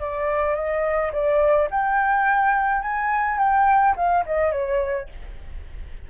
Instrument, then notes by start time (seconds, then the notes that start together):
flute
0.00 D5
0.55 D#5
1.13 D5
1.71 G5
2.82 G#5
3.39 G5
3.97 F5
4.26 D#5
4.52 C#5